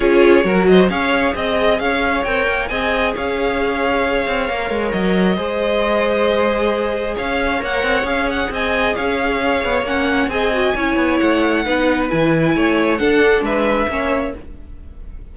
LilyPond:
<<
  \new Staff \with { instrumentName = "violin" } { \time 4/4 \tempo 4 = 134 cis''4. dis''8 f''4 dis''4 | f''4 g''4 gis''4 f''4~ | f''2. dis''4~ | dis''1 |
f''4 fis''4 f''8 fis''8 gis''4 | f''2 fis''4 gis''4~ | gis''4 fis''2 gis''4~ | gis''4 fis''4 e''2 | }
  \new Staff \with { instrumentName = "violin" } { \time 4/4 gis'4 ais'8 c''8 cis''4 dis''4 | cis''2 dis''4 cis''4~ | cis''1 | c''1 |
cis''2. dis''4 | cis''2. dis''4 | cis''2 b'2 | cis''4 a'4 b'4 cis''4 | }
  \new Staff \with { instrumentName = "viola" } { \time 4/4 f'4 fis'4 gis'2~ | gis'4 ais'4 gis'2~ | gis'2 ais'2 | gis'1~ |
gis'4 ais'4 gis'2~ | gis'2 cis'4 gis'8 fis'8 | e'2 dis'4 e'4~ | e'4 d'2 cis'4 | }
  \new Staff \with { instrumentName = "cello" } { \time 4/4 cis'4 fis4 cis'4 c'4 | cis'4 c'8 ais8 c'4 cis'4~ | cis'4. c'8 ais8 gis8 fis4 | gis1 |
cis'4 ais8 c'8 cis'4 c'4 | cis'4. b8 ais4 c'4 | cis'8 b8 a4 b4 e4 | a4 d'4 gis4 ais4 | }
>>